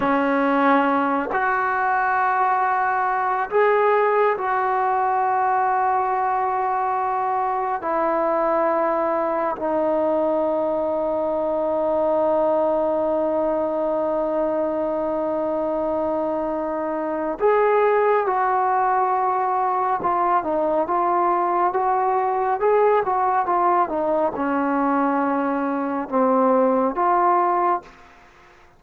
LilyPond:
\new Staff \with { instrumentName = "trombone" } { \time 4/4 \tempo 4 = 69 cis'4. fis'2~ fis'8 | gis'4 fis'2.~ | fis'4 e'2 dis'4~ | dis'1~ |
dis'1 | gis'4 fis'2 f'8 dis'8 | f'4 fis'4 gis'8 fis'8 f'8 dis'8 | cis'2 c'4 f'4 | }